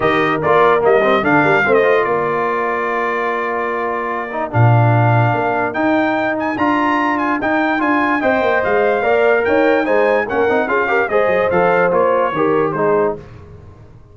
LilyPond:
<<
  \new Staff \with { instrumentName = "trumpet" } { \time 4/4 \tempo 4 = 146 dis''4 d''4 dis''4 f''4~ | f''16 dis''8. d''2.~ | d''2. f''4~ | f''2 g''4. gis''8 |
ais''4. gis''8 g''4 gis''4 | g''4 f''2 g''4 | gis''4 fis''4 f''4 dis''4 | f''4 cis''2 c''4 | }
  \new Staff \with { instrumentName = "horn" } { \time 4/4 ais'2. a'8 ais'8 | c''4 ais'2.~ | ais'1~ | ais'1~ |
ais'1 | dis''2 d''4 cis''4 | c''4 ais'4 gis'8 ais'8 c''4~ | c''2 ais'4 gis'4 | }
  \new Staff \with { instrumentName = "trombone" } { \time 4/4 g'4 f'4 ais8 c'8 d'4 | c'8 f'2.~ f'8~ | f'2~ f'8 dis'8 d'4~ | d'2 dis'2 |
f'2 dis'4 f'4 | c''2 ais'2 | dis'4 cis'8 dis'8 f'8 g'8 gis'4 | a'4 f'4 g'4 dis'4 | }
  \new Staff \with { instrumentName = "tuba" } { \time 4/4 dis4 ais4 g4 d8 g8 | a4 ais2.~ | ais2. ais,4~ | ais,4 ais4 dis'2 |
d'2 dis'4 d'4 | c'8 ais8 gis4 ais4 dis'4 | gis4 ais8 c'8 cis'4 gis8 fis8 | f4 ais4 dis4 gis4 | }
>>